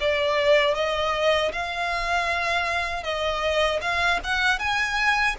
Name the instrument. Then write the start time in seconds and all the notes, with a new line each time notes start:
violin
0.00 D5
0.74 D#5
1.52 F5
3.03 D#5
3.81 F5
4.23 F#5
4.59 G#5